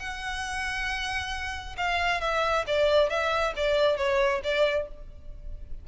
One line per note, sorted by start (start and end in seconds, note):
0.00 1.76 F#5
1.78 2.21 F5
2.21 2.66 E5
2.68 3.10 D5
3.10 3.54 E5
3.57 3.98 D5
3.98 4.42 C#5
4.44 4.88 D5